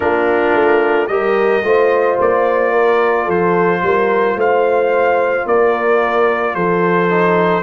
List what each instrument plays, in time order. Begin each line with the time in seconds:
0.00 tuba A#3, trombone D4, horn F4, trumpet A#4
0.54 tuba A3
1.07 tuba G3, trombone G4, horn A#4, trumpet D#5
1.63 tuba A3, trombone F4, horn C5
2.19 tuba A#3, trumpet D5
2.72 horn A#4
3.24 tuba F3, horn A4, trumpet C5
3.82 tuba G3, horn A#4
4.35 tuba A3, horn C5, trumpet F5
5.46 tuba A#3, horn A#4, trumpet D5
6.55 tuba F3, horn A4, trumpet C5
7.10 trombone D#4